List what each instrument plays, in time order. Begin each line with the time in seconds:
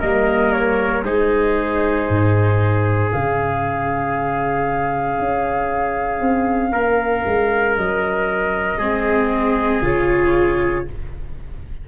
0.00 tuba G3, viola A#3, trumpet A#4, flute D#5
0.52 flute C#5
1.05 tuba G#3, viola D#4, trumpet G#4, flute C5
2.09 tuba G#2
3.11 tuba C#3, viola C#4, flute F5
5.19 tuba C#4
6.21 tuba C4
6.73 tuba A#3, trumpet A#4
7.27 tuba G#3
7.77 tuba F#3, flute D#5
8.78 tuba G#3, viola C4, trumpet G#4
9.83 tuba C#3, viola F4, flute C#5